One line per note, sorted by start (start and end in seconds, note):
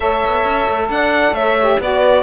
0.00 0.23 A3
0.00 1.58 A4
0.00 0.87 C#5
0.00 0.89 E5
0.25 0.44 B3
0.44 0.67 C#4
0.68 0.89 A3
0.89 1.31 D4
0.89 1.34 D5
0.89 1.34 F#5
1.31 1.76 A3
1.31 1.80 C#5
1.31 1.79 E5
1.60 1.81 G4
1.79 2.23 B3
1.79 2.23 F#4
1.79 2.23 B4
1.79 2.23 D5